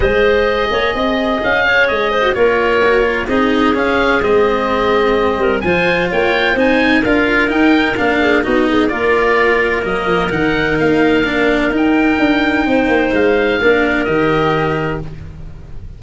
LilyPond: <<
  \new Staff \with { instrumentName = "oboe" } { \time 4/4 \tempo 4 = 128 dis''2. f''4 | dis''4 cis''2 dis''4 | f''4 dis''2. | gis''4 g''4 gis''4 f''4 |
g''4 f''4 dis''4 d''4~ | d''4 dis''4 fis''4 f''4~ | f''4 g''2. | f''2 dis''2 | }
  \new Staff \with { instrumentName = "clarinet" } { \time 4/4 c''4. cis''8 dis''4. cis''8~ | cis''8 c''8 ais'2 gis'4~ | gis'2.~ gis'8 ais'8 | c''4 cis''4 c''4 ais'4~ |
ais'4. gis'8 fis'8 gis'8 ais'4~ | ais'1~ | ais'2. c''4~ | c''4 ais'2. | }
  \new Staff \with { instrumentName = "cello" } { \time 4/4 gis'1~ | gis'8. fis'16 f'4 fis'8 f'8 dis'4 | cis'4 c'2. | f'2 dis'4 f'4 |
dis'4 d'4 dis'4 f'4~ | f'4 ais4 dis'2 | d'4 dis'2.~ | dis'4 d'4 g'2 | }
  \new Staff \with { instrumentName = "tuba" } { \time 4/4 gis4. ais8 c'4 cis'4 | gis4 ais2 c'4 | cis'4 gis2~ gis8 g8 | f4 ais4 c'4 d'4 |
dis'4 ais4 b4 ais4~ | ais4 fis8 f8 dis4 ais4~ | ais4 dis'4 d'4 c'8 ais8 | gis4 ais4 dis2 | }
>>